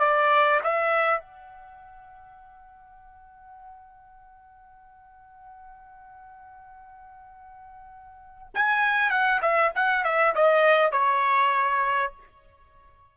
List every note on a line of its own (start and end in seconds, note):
0.00 0.61 D5
0.64 1.20 E5
1.20 8.48 F#5
8.55 9.11 G#5
9.11 9.41 F#5
9.42 9.72 E5
9.75 10.04 F#5
10.04 10.35 E5
10.35 10.92 D#5
10.92 12.13 C#5